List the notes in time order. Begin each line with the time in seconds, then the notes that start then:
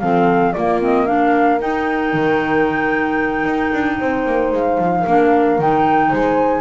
0.00 F3 C4 A4 F5
0.53 A#3 F4 D5
0.81 C4 D#5
1.06 D4 A#4 F5
1.60 D#4 G5
2.13 D#3
3.45 D#4
3.73 D4
4.00 C4 C5
4.26 A#3
4.52 G#3 F5
4.78 F3
5.01 A#3 A#4
5.07 D4
5.58 D#3 D#4 G5
6.09 G#3 C5 G#5